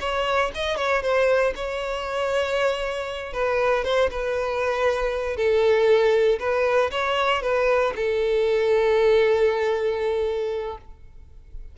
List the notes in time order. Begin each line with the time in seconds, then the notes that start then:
0.00 C#5
0.54 D#5
0.76 C#5
1.02 C5
1.55 C#5
3.33 B4
3.84 C5
4.10 B4
5.36 A4
6.39 B4
6.91 C#5
7.42 B4
7.96 A4